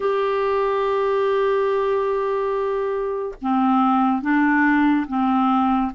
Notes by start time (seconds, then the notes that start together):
0.00 G4
3.41 C4
4.21 D4
5.07 C4